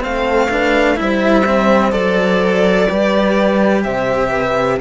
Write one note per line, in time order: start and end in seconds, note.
0.00 1.00 A3
0.00 0.48 C4
0.00 0.49 A4
0.00 0.98 F5
0.49 0.95 D4
0.49 0.97 B4
0.95 1.93 G3
0.95 1.43 E4
0.95 2.87 C5
0.95 1.91 E5
1.45 1.91 C4
1.91 2.88 F#3
1.91 2.87 A4
1.91 3.82 D5
2.87 3.85 G3
2.87 4.79 G4
2.87 3.83 B4
3.84 4.80 C3
3.84 4.30 C5
3.84 4.79 E5
4.30 4.77 B4